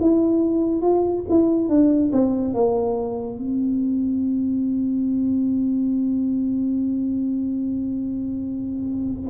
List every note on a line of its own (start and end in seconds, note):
0.00 0.81 E4
0.81 1.23 F4
1.29 1.69 E4
1.69 2.11 D4
2.12 2.54 C4
2.54 3.38 A#3
3.38 9.29 C4